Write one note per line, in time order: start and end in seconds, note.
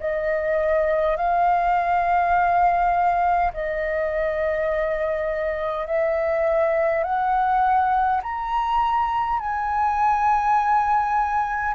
0.00 1.17 D#5
1.17 3.52 F5
3.53 5.87 D#5
5.87 7.04 E5
7.04 8.21 F#5
8.23 9.40 A#5
9.40 11.75 G#5